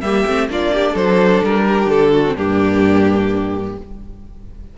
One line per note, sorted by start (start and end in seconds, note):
0.00 0.24 G3
0.00 0.26 A#3
0.00 0.49 G4
0.00 0.47 E5
0.26 0.49 A3
0.26 0.49 C4
0.49 0.94 A#3
0.49 2.25 D4
0.49 0.73 F4
0.49 0.95 D5
0.73 0.92 G4
0.92 1.41 F#3
0.92 1.63 A4
0.92 1.42 C5
1.42 1.86 G3
1.42 1.89 A#4
1.68 2.12 G4
1.86 2.33 D3
1.86 2.36 A4
2.12 2.35 F#4
2.25 2.36 C4
2.35 3.77 G2
2.35 3.77 A#3
2.35 3.76 D4
2.35 3.77 G4